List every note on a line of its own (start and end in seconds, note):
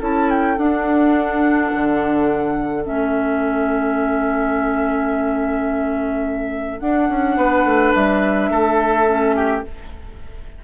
0.00 0.58 C#4
0.00 0.57 E4
0.00 7.36 A4
0.00 0.30 A5
0.30 0.58 G5
0.58 2.84 D4
0.58 1.71 D4
0.58 2.85 F#5
1.75 2.86 D3
2.84 6.81 A3
2.84 6.80 C#4
2.84 6.80 E5
6.80 9.06 D4
6.80 7.09 D4
6.80 7.93 F#5
7.10 7.37 C#4
7.37 7.65 B3
7.37 8.51 B4
7.65 7.93 A3
7.94 8.50 G3
7.94 9.64 E5
8.50 9.64 A3
8.50 9.36 A4
9.06 9.63 C#4
9.36 9.64 G4